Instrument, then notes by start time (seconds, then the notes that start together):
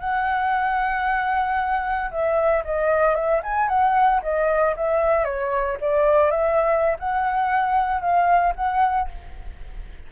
flute
0.00 F#5
2.11 E5
2.65 D#5
3.15 E5
3.43 G#5
3.69 F#5
4.22 D#5
4.77 E5
5.24 C#5
5.81 D5
6.31 E5
6.99 F#5
8.01 F5
8.56 F#5